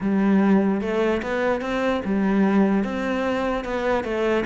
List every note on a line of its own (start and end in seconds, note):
0.00 0.81 G3
0.81 1.21 A3
1.22 1.61 B3
1.61 2.01 C4
2.05 2.84 G3
2.84 3.64 C4
3.64 4.03 B3
4.03 4.44 A3